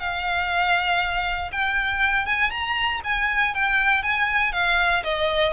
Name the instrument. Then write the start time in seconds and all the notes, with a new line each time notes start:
violin
0.00 F5
1.53 G5
2.26 G#5
2.51 A#5
3.04 G#5
3.55 G5
4.03 G#5
4.53 F5
5.04 D#5